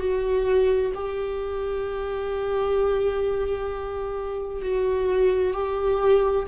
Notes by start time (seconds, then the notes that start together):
0.00 F#4
0.95 G4
4.62 F#4
5.54 G4